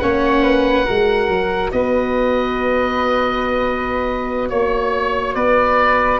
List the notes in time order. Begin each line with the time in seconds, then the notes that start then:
0.00 A#3 C#4 C#5 F#5
0.44 B4
0.86 G#3 F#4 A#4
1.29 F#3
1.72 B3 B4 D#5
4.49 A#3 C#5
5.35 B3 B4 D5